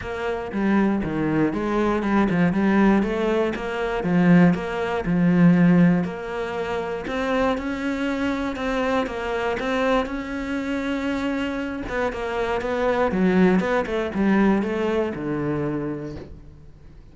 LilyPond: \new Staff \with { instrumentName = "cello" } { \time 4/4 \tempo 4 = 119 ais4 g4 dis4 gis4 | g8 f8 g4 a4 ais4 | f4 ais4 f2 | ais2 c'4 cis'4~ |
cis'4 c'4 ais4 c'4 | cis'2.~ cis'8 b8 | ais4 b4 fis4 b8 a8 | g4 a4 d2 | }